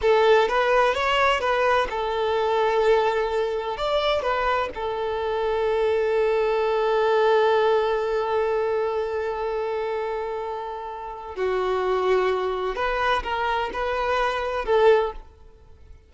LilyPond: \new Staff \with { instrumentName = "violin" } { \time 4/4 \tempo 4 = 127 a'4 b'4 cis''4 b'4 | a'1 | d''4 b'4 a'2~ | a'1~ |
a'1~ | a'1 | fis'2. b'4 | ais'4 b'2 a'4 | }